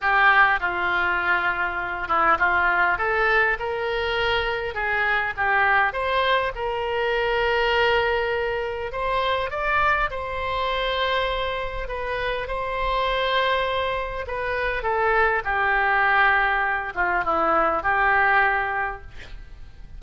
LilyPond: \new Staff \with { instrumentName = "oboe" } { \time 4/4 \tempo 4 = 101 g'4 f'2~ f'8 e'8 | f'4 a'4 ais'2 | gis'4 g'4 c''4 ais'4~ | ais'2. c''4 |
d''4 c''2. | b'4 c''2. | b'4 a'4 g'2~ | g'8 f'8 e'4 g'2 | }